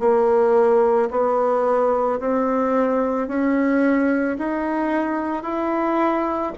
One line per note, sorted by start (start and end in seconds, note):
0.00 1.09 A#3
1.11 2.20 B3
2.20 3.28 C4
3.28 4.37 C#4
4.39 5.43 D#4
5.43 6.53 E4